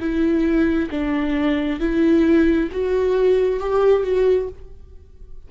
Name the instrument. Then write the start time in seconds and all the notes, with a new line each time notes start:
viola
0.00 E4
0.91 D4
1.80 E4
2.72 F#4
3.60 G4
4.04 F#4